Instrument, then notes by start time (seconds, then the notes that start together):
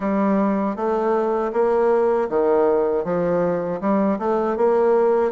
bassoon
0.00 G3
0.76 A3
1.52 A#3
2.29 D#3
3.04 F3
3.80 G3
4.18 A3
4.56 A#3